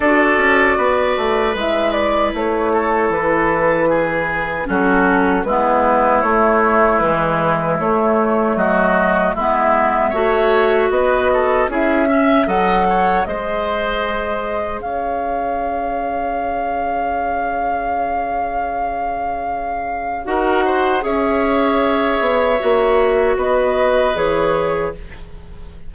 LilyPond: <<
  \new Staff \with { instrumentName = "flute" } { \time 4/4 \tempo 4 = 77 d''2 e''8 d''8 cis''4 | b'2 a'4 b'4 | cis''4 b'4 cis''4 dis''4 | e''2 dis''4 e''4 |
fis''4 dis''2 f''4~ | f''1~ | f''2 fis''4 e''4~ | e''2 dis''4 cis''4 | }
  \new Staff \with { instrumentName = "oboe" } { \time 4/4 a'4 b'2~ b'8 a'8~ | a'4 gis'4 fis'4 e'4~ | e'2. fis'4 | e'4 cis''4 b'8 a'8 gis'8 e''8 |
dis''8 cis''8 c''2 cis''4~ | cis''1~ | cis''2 ais'8 c''8 cis''4~ | cis''2 b'2 | }
  \new Staff \with { instrumentName = "clarinet" } { \time 4/4 fis'2 e'2~ | e'2 cis'4 b4 | a4 e4 a2 | b4 fis'2 e'8 cis'8 |
a'4 gis'2.~ | gis'1~ | gis'2 fis'4 gis'4~ | gis'4 fis'2 gis'4 | }
  \new Staff \with { instrumentName = "bassoon" } { \time 4/4 d'8 cis'8 b8 a8 gis4 a4 | e2 fis4 gis4 | a4 gis4 a4 fis4 | gis4 a4 b4 cis'4 |
fis4 gis2 cis'4~ | cis'1~ | cis'2 dis'4 cis'4~ | cis'8 b8 ais4 b4 e4 | }
>>